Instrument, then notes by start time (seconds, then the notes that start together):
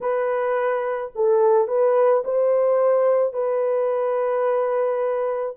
horn
0.00 B4
1.15 A4
1.67 B4
2.24 C5
3.33 B4